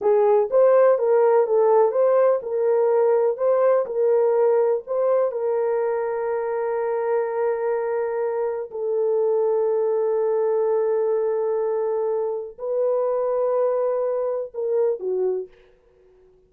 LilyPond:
\new Staff \with { instrumentName = "horn" } { \time 4/4 \tempo 4 = 124 gis'4 c''4 ais'4 a'4 | c''4 ais'2 c''4 | ais'2 c''4 ais'4~ | ais'1~ |
ais'2 a'2~ | a'1~ | a'2 b'2~ | b'2 ais'4 fis'4 | }